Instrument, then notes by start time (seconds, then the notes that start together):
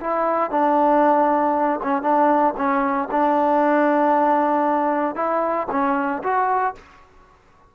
trombone
0.00 E4
0.50 D4
1.82 C#4
2.02 D4
2.57 C#4
3.11 D4
5.15 E4
5.71 C#4
6.23 F#4